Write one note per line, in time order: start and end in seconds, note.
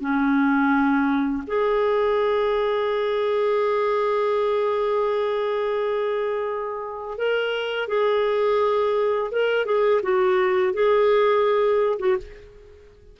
0.00 1.43 C#4
1.47 7.18 G#4
7.18 7.88 A#4
7.88 9.31 G#4
9.31 9.65 A#4
9.65 10.01 G#4
10.03 10.74 F#4
10.74 11.99 G#4
11.99 12.17 F#4